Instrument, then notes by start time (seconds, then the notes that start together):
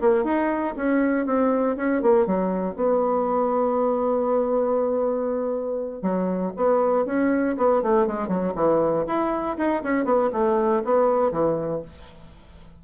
bassoon
0.00 A#3
0.24 D#4
0.76 C#4
1.26 C4
1.76 C#4
2.02 A#3
2.26 F#3
2.75 B3
6.01 F#3
6.56 B3
7.05 C#4
7.57 B3
7.82 A3
8.06 G#3
8.28 F#3
8.55 E3
9.06 E4
9.57 D#4
9.83 C#4
10.05 B3
10.32 A3
10.84 B3
11.31 E3